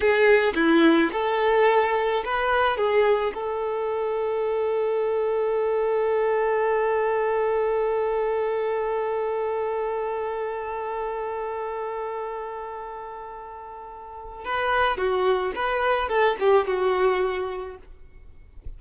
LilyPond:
\new Staff \with { instrumentName = "violin" } { \time 4/4 \tempo 4 = 108 gis'4 e'4 a'2 | b'4 gis'4 a'2~ | a'1~ | a'1~ |
a'1~ | a'1~ | a'2 b'4 fis'4 | b'4 a'8 g'8 fis'2 | }